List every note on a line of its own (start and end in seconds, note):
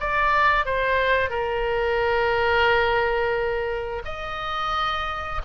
0.00 0.65 D5
0.65 1.30 C5
1.30 4.02 A#4
4.04 5.41 D#5